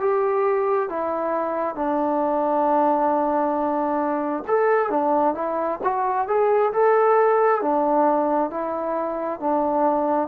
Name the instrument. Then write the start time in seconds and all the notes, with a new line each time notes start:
trombone
0.00 G4
0.89 E4
1.75 D4
4.48 A4
4.91 D4
5.35 E4
5.84 F#4
6.28 G#4
6.73 A4
7.62 D4
8.51 E4
9.40 D4